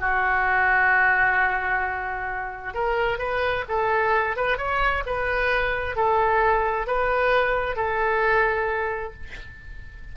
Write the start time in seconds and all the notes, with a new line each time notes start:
0.00 F#4
2.74 A#4
3.19 B4
3.68 A4
4.36 B4
4.58 C#5
5.06 B4
5.96 A4
6.87 B4
7.76 A4